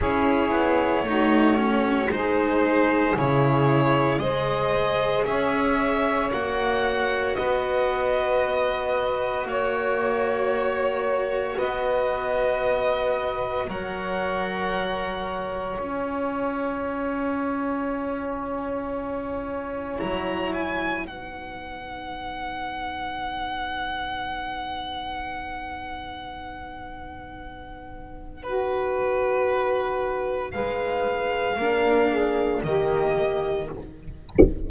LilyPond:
<<
  \new Staff \with { instrumentName = "violin" } { \time 4/4 \tempo 4 = 57 cis''2 c''4 cis''4 | dis''4 e''4 fis''4 dis''4~ | dis''4 cis''2 dis''4~ | dis''4 fis''2 gis''4~ |
gis''2. ais''8 gis''8 | fis''1~ | fis''2. b'4~ | b'4 f''2 dis''4 | }
  \new Staff \with { instrumentName = "saxophone" } { \time 4/4 gis'4 fis'4 gis'2 | c''4 cis''2 b'4~ | b'4 cis''2 b'4~ | b'4 cis''2.~ |
cis''1 | b'1~ | b'2. fis'4~ | fis'4 b'4 ais'8 gis'8 g'4 | }
  \new Staff \with { instrumentName = "cello" } { \time 4/4 e'4 dis'8 cis'8 dis'4 e'4 | gis'2 fis'2~ | fis'1~ | fis'4 ais'2 f'4~ |
f'2. e'4 | dis'1~ | dis'1~ | dis'2 d'4 ais4 | }
  \new Staff \with { instrumentName = "double bass" } { \time 4/4 cis'8 b8 a4 gis4 cis4 | gis4 cis'4 ais4 b4~ | b4 ais2 b4~ | b4 fis2 cis'4~ |
cis'2. fis4 | b1~ | b1~ | b4 gis4 ais4 dis4 | }
>>